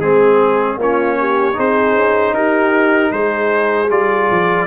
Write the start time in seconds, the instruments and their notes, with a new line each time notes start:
0.00 tuba G#3, trombone C4, horn G#4, trumpet G#4
0.77 tuba A#3, trombone C#4, horn F4, trumpet C#5
1.19 horn G4
1.54 tuba C4, trombone D#4, horn G#4, trumpet C5
1.95 tuba C#4
2.33 tuba D#4, horn G4, trumpet A#4
3.12 tuba G#3, horn G#4, trumpet C5
3.90 tuba G3, trombone F4, trumpet D5
4.31 tuba F3